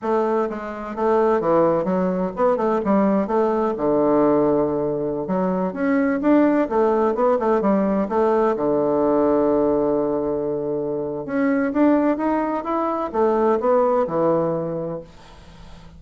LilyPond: \new Staff \with { instrumentName = "bassoon" } { \time 4/4 \tempo 4 = 128 a4 gis4 a4 e4 | fis4 b8 a8 g4 a4 | d2.~ d16 fis8.~ | fis16 cis'4 d'4 a4 b8 a16~ |
a16 g4 a4 d4.~ d16~ | d1 | cis'4 d'4 dis'4 e'4 | a4 b4 e2 | }